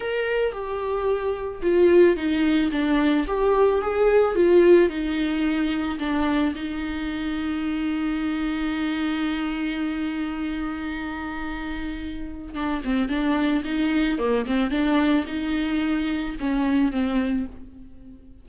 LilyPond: \new Staff \with { instrumentName = "viola" } { \time 4/4 \tempo 4 = 110 ais'4 g'2 f'4 | dis'4 d'4 g'4 gis'4 | f'4 dis'2 d'4 | dis'1~ |
dis'1~ | dis'2. d'8 c'8 | d'4 dis'4 ais8 c'8 d'4 | dis'2 cis'4 c'4 | }